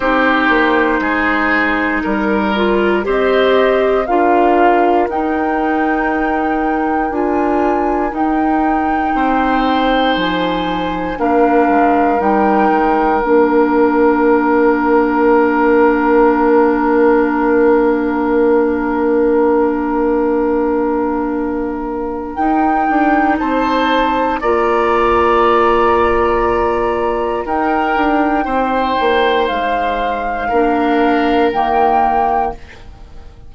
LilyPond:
<<
  \new Staff \with { instrumentName = "flute" } { \time 4/4 \tempo 4 = 59 c''2 ais'4 dis''4 | f''4 g''2 gis''4 | g''2 gis''4 f''4 | g''4 f''2.~ |
f''1~ | f''2 g''4 a''4 | ais''2. g''4~ | g''4 f''2 g''4 | }
  \new Staff \with { instrumentName = "oboe" } { \time 4/4 g'4 gis'4 ais'4 c''4 | ais'1~ | ais'4 c''2 ais'4~ | ais'1~ |
ais'1~ | ais'2. c''4 | d''2. ais'4 | c''2 ais'2 | }
  \new Staff \with { instrumentName = "clarinet" } { \time 4/4 dis'2~ dis'8 f'8 g'4 | f'4 dis'2 f'4 | dis'2. d'4 | dis'4 d'2.~ |
d'1~ | d'2 dis'2 | f'2. dis'4~ | dis'2 d'4 ais4 | }
  \new Staff \with { instrumentName = "bassoon" } { \time 4/4 c'8 ais8 gis4 g4 c'4 | d'4 dis'2 d'4 | dis'4 c'4 f4 ais8 gis8 | g8 gis8 ais2.~ |
ais1~ | ais2 dis'8 d'8 c'4 | ais2. dis'8 d'8 | c'8 ais8 gis4 ais4 dis4 | }
>>